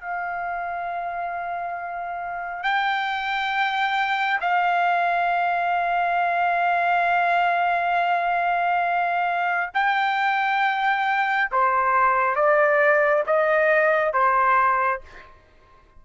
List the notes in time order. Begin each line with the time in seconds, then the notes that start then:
0.00 F5
2.63 G5
4.40 F5
9.73 G5
11.51 C5
12.35 D5
13.26 D#5
14.13 C5